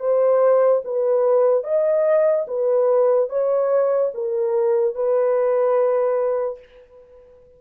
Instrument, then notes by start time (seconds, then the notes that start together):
horn
0.00 C5
0.85 B4
1.64 D#5
2.48 B4
3.30 C#5
4.15 A#4
4.95 B4